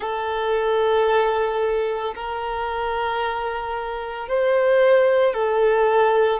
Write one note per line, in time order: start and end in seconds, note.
0.00 2.14 A4
2.15 4.28 A#4
4.28 5.33 C5
5.33 6.39 A4